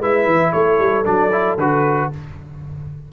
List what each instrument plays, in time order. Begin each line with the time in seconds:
0.00 tuba G#3, trombone E4, horn B4, trumpet E5
0.26 tuba E3
0.53 tuba A3, horn A4, trumpet C#5
0.80 tuba G3
1.05 tuba F#3, trombone D4, trumpet D5
1.32 trombone E4
1.58 tuba D3, trombone F#4, trumpet B4